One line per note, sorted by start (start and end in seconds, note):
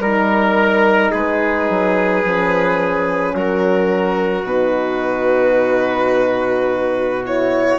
0.00 1.11 G3
0.00 2.25 D#4
0.00 1.12 A#4
1.12 1.70 G#3
1.12 3.34 G#4
1.12 3.36 B4
1.70 2.25 F#3
2.25 3.34 F3
2.25 4.48 C#4
3.34 4.44 F#3
3.34 7.79 F#4
3.34 4.46 A#4
4.44 7.77 B2
4.44 7.25 D#4
4.44 7.24 B4
7.25 7.79 E4
7.25 7.79 C#5